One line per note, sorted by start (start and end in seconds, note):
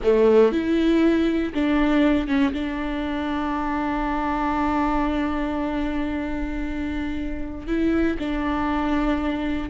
0.03 0.52 A3
0.52 1.53 E4
1.54 2.27 D4
2.27 2.52 C#4
2.53 7.67 D4
7.67 8.17 E4
8.18 9.70 D4